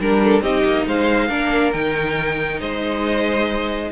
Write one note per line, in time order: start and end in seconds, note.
0.00 0.41 G3
0.00 0.43 D4
0.00 0.23 A#4
0.00 0.43 A#4
0.24 0.43 A4
0.41 0.63 C4
0.41 1.30 D#4
0.41 0.86 G4
0.41 0.87 D#5
0.65 0.87 A#3
0.87 1.30 G#3
0.87 1.29 C5
0.87 1.73 F5
1.29 1.73 A#3
1.29 1.73 D4
1.29 2.60 A#4
1.73 2.61 D#3
1.73 3.92 D#4
1.73 2.60 G5
2.60 3.92 G#3
2.60 3.92 C5
2.60 3.92 D#5